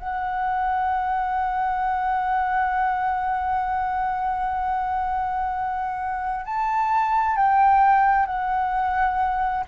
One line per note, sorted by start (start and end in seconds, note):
0.00 6.46 F#5
6.46 7.37 A5
7.37 8.27 G5
8.27 9.65 F#5